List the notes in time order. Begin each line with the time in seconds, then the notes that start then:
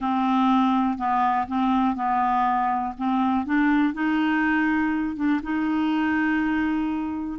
0.00 C4
0.98 B3
1.47 C4
1.95 B3
2.97 C4
3.45 D4
3.93 D#4
5.16 D4
5.43 D#4